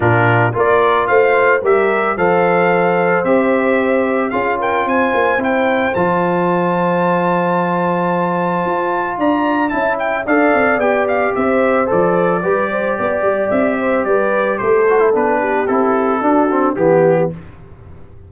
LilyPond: <<
  \new Staff \with { instrumentName = "trumpet" } { \time 4/4 \tempo 4 = 111 ais'4 d''4 f''4 e''4 | f''2 e''2 | f''8 g''8 gis''4 g''4 a''4~ | a''1~ |
a''4 ais''4 a''8 g''8 f''4 | g''8 f''8 e''4 d''2~ | d''4 e''4 d''4 c''4 | b'4 a'2 g'4 | }
  \new Staff \with { instrumentName = "horn" } { \time 4/4 f'4 ais'4 c''4 ais'4 | c''1 | gis'8 ais'8 c''2.~ | c''1~ |
c''4 d''4 e''4 d''4~ | d''4 c''2 b'8 c''8 | d''4. c''8 b'4 a'4~ | a'8 g'4. fis'4 g'4 | }
  \new Staff \with { instrumentName = "trombone" } { \time 4/4 d'4 f'2 g'4 | a'2 g'2 | f'2 e'4 f'4~ | f'1~ |
f'2 e'4 a'4 | g'2 a'4 g'4~ | g'2.~ g'8 fis'16 e'16 | d'4 e'4 d'8 c'8 b4 | }
  \new Staff \with { instrumentName = "tuba" } { \time 4/4 ais,4 ais4 a4 g4 | f2 c'2 | cis'4 c'8 ais8 c'4 f4~ | f1 |
f'4 d'4 cis'4 d'8 c'8 | b4 c'4 f4 g4 | b8 g8 c'4 g4 a4 | b4 c'4 d'4 e4 | }
>>